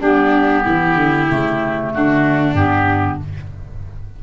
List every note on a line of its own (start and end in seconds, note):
0.00 0.65 G3
0.00 1.28 B3
0.00 0.64 D4
0.00 1.92 G4
0.64 0.95 E3
0.64 1.92 E4
0.95 1.26 D3
1.28 1.94 C#3
1.28 2.55 A3
1.93 2.53 D3
1.93 3.23 D4
1.93 2.55 F#4
2.53 3.17 G2
2.53 3.19 B3
2.53 3.18 G4